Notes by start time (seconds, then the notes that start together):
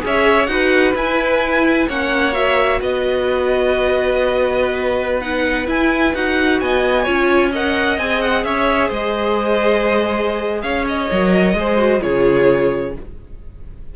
0.00 C#4 G#4 C#5
0.07 E5
0.46 D#4 F#4 B4 F#5
0.95 E4 G#5
1.88 A#3 C#4 C#5 F#5
2.32 F#4 E5
2.80 B3 B4 D#5
5.20 D#4 F#5
5.66 E4 G#5
6.14 D#4 F#4 F#5
6.60 B3 D#5 G#5
7.03 C#4 F4 C#5
7.52 A#4 D#5 F#5
7.98 C4 G#4 G#5
8.21 F#5
8.44 C#4 C#5 E5
8.88 G#3 C5 D#5
10.62 C#4 C#5 F5
10.88 D#5
11.11 F#3 A#4
11.54 G#3 G#4 C5
11.78 F#4
12.01 C#3 F4 G#4 C#5